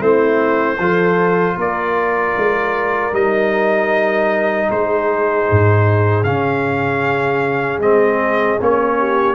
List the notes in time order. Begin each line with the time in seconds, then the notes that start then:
0.00 A3 C4 E4 C5
0.79 F3 F4 A4
1.56 A#3 A#4 D5
2.38 G#3
3.13 G3 D#4 D#5
4.69 G#3 G#4 C5
5.51 G#2
6.24 C#3 C#4 F5
7.79 G#3 C4 D#5
8.61 A#3 C#4 C#5
8.99 G4